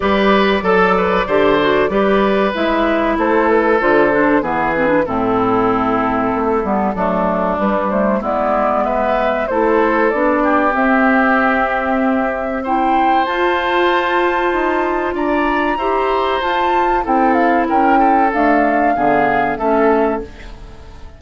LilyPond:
<<
  \new Staff \with { instrumentName = "flute" } { \time 4/4 \tempo 4 = 95 d''1 | e''4 c''8 b'8 c''4 b'4 | a'1 | b'8 c''8 d''4 e''4 c''4 |
d''4 e''2. | g''4 a''2. | ais''2 a''4 g''8 f''8 | g''4 f''2 e''4 | }
  \new Staff \with { instrumentName = "oboe" } { \time 4/4 b'4 a'8 b'8 c''4 b'4~ | b'4 a'2 gis'4 | e'2. d'4~ | d'4 e'4 b'4 a'4~ |
a'8 g'2.~ g'8 | c''1 | d''4 c''2 a'4 | ais'8 a'4. gis'4 a'4 | }
  \new Staff \with { instrumentName = "clarinet" } { \time 4/4 g'4 a'4 g'8 fis'8 g'4 | e'2 f'8 d'8 b8 c'16 d'16 | c'2~ c'8 b8 a4 | g8 a8 b2 e'4 |
d'4 c'2. | e'4 f'2.~ | f'4 g'4 f'4 e'4~ | e'4 a4 b4 cis'4 | }
  \new Staff \with { instrumentName = "bassoon" } { \time 4/4 g4 fis4 d4 g4 | gis4 a4 d4 e4 | a,2 a8 g8 fis4 | g4 gis2 a4 |
b4 c'2.~ | c'4 f'2 dis'4 | d'4 e'4 f'4 c'4 | cis'4 d'4 d4 a4 | }
>>